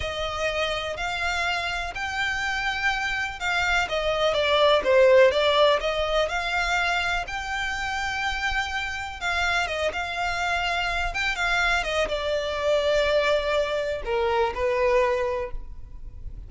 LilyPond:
\new Staff \with { instrumentName = "violin" } { \time 4/4 \tempo 4 = 124 dis''2 f''2 | g''2. f''4 | dis''4 d''4 c''4 d''4 | dis''4 f''2 g''4~ |
g''2. f''4 | dis''8 f''2~ f''8 g''8 f''8~ | f''8 dis''8 d''2.~ | d''4 ais'4 b'2 | }